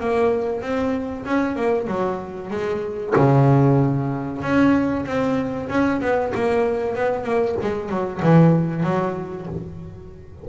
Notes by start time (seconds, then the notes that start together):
0.00 A#3
0.61 C4
1.26 C#4
1.56 A#3
1.87 F#3
2.50 G#3
3.16 C#3
4.42 C#4
5.06 C4
5.69 C#4
6.01 B3
6.35 A#3
6.95 B3
7.24 A#3
7.62 G#3
7.89 F#3
8.22 E3
8.83 F#3